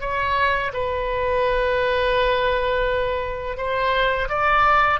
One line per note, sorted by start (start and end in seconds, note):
0.00 0.71 C#5
0.73 3.57 B4
3.57 4.28 C5
4.29 5.00 D5